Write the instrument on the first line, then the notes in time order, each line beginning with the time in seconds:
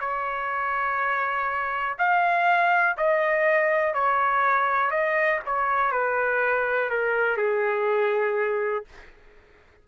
trumpet
0.00 C#5
1.99 F5
2.97 D#5
3.94 C#5
4.91 D#5
5.46 C#5
5.92 B4
6.90 A#4
7.38 G#4